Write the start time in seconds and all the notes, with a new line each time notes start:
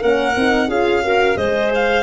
0.00 A#3 C#4 A#4 F#5
0.36 C4 D#4
0.68 C#4 F4 G#4 F5
1.02 F#4 A#4
1.36 G#3 G#4 C5 D#5
1.75 F5